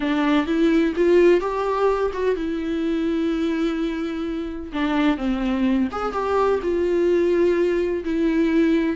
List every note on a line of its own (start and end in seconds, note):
0.00 0.46 D4
0.46 0.93 E4
0.96 1.40 F4
1.40 2.11 G4
2.13 2.35 F#4
2.35 4.71 E4
4.72 5.17 D4
5.17 5.88 C4
5.91 6.12 G#4
6.12 6.59 G4
6.62 8.04 F4
8.04 8.96 E4